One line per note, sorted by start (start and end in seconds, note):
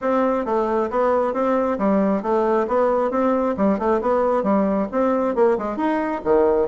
0.01 0.45 C4
0.45 0.89 A3
0.90 1.33 B3
1.33 1.78 C4
1.78 2.22 G3
2.22 2.66 A3
2.67 3.10 B3
3.10 3.55 C4
3.57 3.78 G3
3.78 4.00 A3
4.01 4.43 B3
4.43 4.87 G3
4.91 5.35 C4
5.35 5.57 A#3
5.58 5.76 G#3
5.76 6.21 D#4
6.24 6.68 D#3